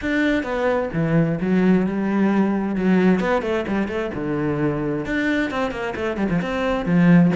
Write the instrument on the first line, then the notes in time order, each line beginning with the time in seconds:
cello
0.01 D4
0.43 B3
0.93 E3
1.40 F#3
1.86 G3
2.75 F#3
3.20 B3
3.41 A3
3.67 G3
3.87 A3
4.14 D3
5.05 D4
5.51 C4
5.71 A#3
5.95 A3
6.16 G3
6.29 F3
6.41 C4
6.85 F3